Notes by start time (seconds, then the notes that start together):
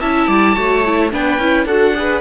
0.00 C#4 E4 E5 A5
0.27 G3 D5
0.55 A3 F#4 C#5
0.85 E4
1.11 B3 D4 B4 G5
1.38 C#4 E4
1.66 D4 F#4 A4 F#5
1.95 G#4 B4